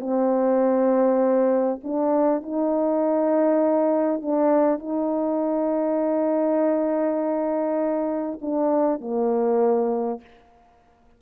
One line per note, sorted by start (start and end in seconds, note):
0.00 1.80 C4
1.83 2.43 D4
2.43 4.22 D#4
4.22 4.79 D4
4.79 8.39 D#4
8.41 9.01 D4
9.01 10.21 A#3